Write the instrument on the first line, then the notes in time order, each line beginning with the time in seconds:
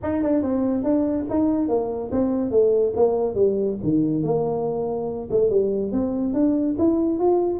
tuba
0.02 D#4
0.22 D4
0.42 C4
0.83 D4
1.29 D#4
1.68 A#3
2.11 C4
2.50 A3
2.96 A#3
3.34 G3
3.83 D#3
4.23 A#3
5.30 A3
5.50 G3
5.92 C4
6.33 D4
6.78 E4
7.19 F4